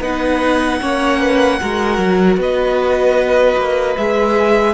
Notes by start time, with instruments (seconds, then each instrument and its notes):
0.00 cello B3, viola D#4, violin B4 F#5
0.81 cello A#3, viola C#4, violin C#5
1.20 violin B4
1.60 cello G#3, viola F#4, violin A#4
1.98 cello F#3
2.37 cello B3, violin B4 D#5
3.56 cello A#3
3.97 cello G#3, viola G#4, violin E5